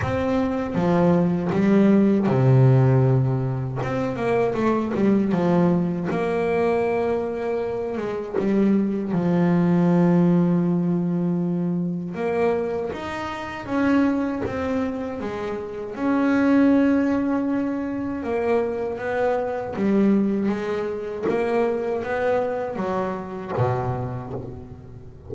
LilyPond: \new Staff \with { instrumentName = "double bass" } { \time 4/4 \tempo 4 = 79 c'4 f4 g4 c4~ | c4 c'8 ais8 a8 g8 f4 | ais2~ ais8 gis8 g4 | f1 |
ais4 dis'4 cis'4 c'4 | gis4 cis'2. | ais4 b4 g4 gis4 | ais4 b4 fis4 b,4 | }